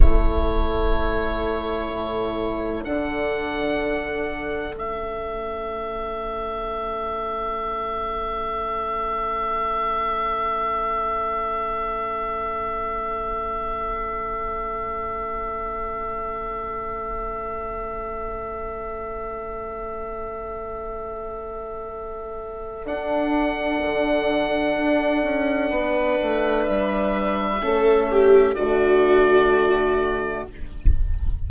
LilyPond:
<<
  \new Staff \with { instrumentName = "oboe" } { \time 4/4 \tempo 4 = 63 cis''2. fis''4~ | fis''4 e''2.~ | e''1~ | e''1~ |
e''1~ | e''1 | fis''1 | e''2 d''2 | }
  \new Staff \with { instrumentName = "viola" } { \time 4/4 a'1~ | a'1~ | a'1~ | a'1~ |
a'1~ | a'1~ | a'2. b'4~ | b'4 a'8 g'8 fis'2 | }
  \new Staff \with { instrumentName = "horn" } { \time 4/4 e'2. d'4~ | d'4 cis'2.~ | cis'1~ | cis'1~ |
cis'1~ | cis'1 | d'1~ | d'4 cis'4 a2 | }
  \new Staff \with { instrumentName = "bassoon" } { \time 4/4 a2 a,4 d4~ | d4 a2.~ | a1~ | a1~ |
a1~ | a1 | d'4 d4 d'8 cis'8 b8 a8 | g4 a4 d2 | }
>>